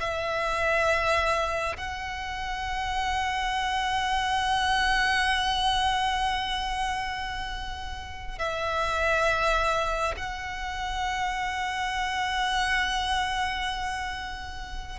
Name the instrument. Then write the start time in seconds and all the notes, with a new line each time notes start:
violin
0.00 E5
1.76 F#5
8.38 E5
10.17 F#5